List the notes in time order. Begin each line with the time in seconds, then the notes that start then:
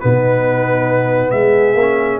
0.00 B2 B3 D#4 B4
1.30 G#3 G#4 E5
1.74 A#3 C#4